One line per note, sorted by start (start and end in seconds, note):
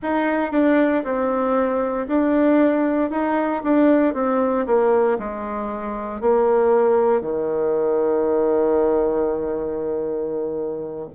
0.02 0.51 D#4
0.51 1.03 D4
1.03 2.07 C4
2.07 3.10 D4
3.10 3.62 D#4
3.63 4.14 D4
4.14 4.66 C4
4.66 5.18 A#3
5.18 6.20 G#3
6.20 7.21 A#3
7.21 11.09 D#3